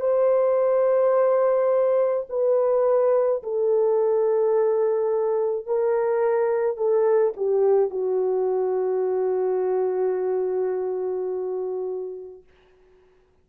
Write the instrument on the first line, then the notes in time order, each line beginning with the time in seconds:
horn
0.00 C5
2.29 B4
3.43 A4
5.66 A#4
6.77 A4
7.36 G4
7.90 F#4